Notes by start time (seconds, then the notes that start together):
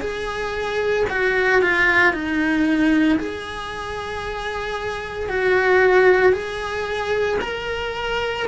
0.00 G#4
1.09 F#4
1.62 F4
2.13 D#4
3.19 G#4
5.29 F#4
6.33 G#4
7.41 A#4